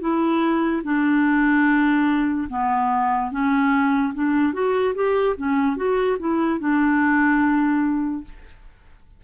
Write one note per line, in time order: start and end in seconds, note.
0.00 0.82 E4
0.83 2.47 D4
2.49 3.31 B3
3.31 4.13 C#4
4.14 4.53 D4
4.53 4.94 F#4
4.95 5.36 G4
5.36 5.76 C#4
5.76 6.17 F#4
6.19 6.59 E4
6.59 8.24 D4